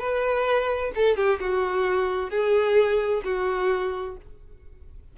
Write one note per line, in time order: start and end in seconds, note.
0.00 0.92 B4
0.95 1.17 A4
1.17 1.40 G4
1.41 2.30 F#4
2.30 3.23 G#4
3.25 4.17 F#4